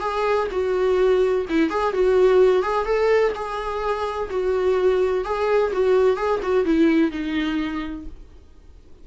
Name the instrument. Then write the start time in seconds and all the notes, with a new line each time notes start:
viola
0.00 G#4
0.51 F#4
1.49 E4
1.70 G#4
1.93 F#4
2.62 G#4
2.85 A4
3.35 G#4
4.30 F#4
5.24 G#4
5.72 F#4
6.17 G#4
6.43 F#4
6.65 E4
7.11 D#4